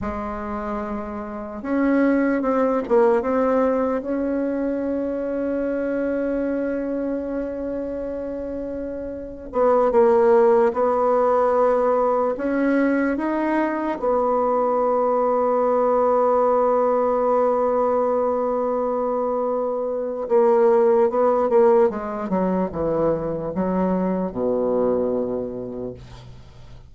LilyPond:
\new Staff \with { instrumentName = "bassoon" } { \time 4/4 \tempo 4 = 74 gis2 cis'4 c'8 ais8 | c'4 cis'2.~ | cis'2.~ cis'8. b16~ | b16 ais4 b2 cis'8.~ |
cis'16 dis'4 b2~ b8.~ | b1~ | b4 ais4 b8 ais8 gis8 fis8 | e4 fis4 b,2 | }